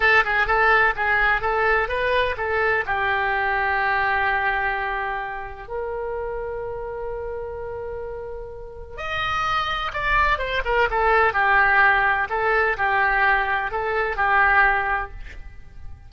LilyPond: \new Staff \with { instrumentName = "oboe" } { \time 4/4 \tempo 4 = 127 a'8 gis'8 a'4 gis'4 a'4 | b'4 a'4 g'2~ | g'1 | ais'1~ |
ais'2. dis''4~ | dis''4 d''4 c''8 ais'8 a'4 | g'2 a'4 g'4~ | g'4 a'4 g'2 | }